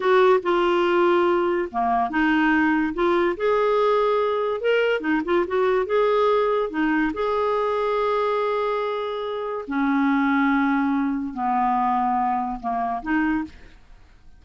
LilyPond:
\new Staff \with { instrumentName = "clarinet" } { \time 4/4 \tempo 4 = 143 fis'4 f'2. | ais4 dis'2 f'4 | gis'2. ais'4 | dis'8 f'8 fis'4 gis'2 |
dis'4 gis'2.~ | gis'2. cis'4~ | cis'2. b4~ | b2 ais4 dis'4 | }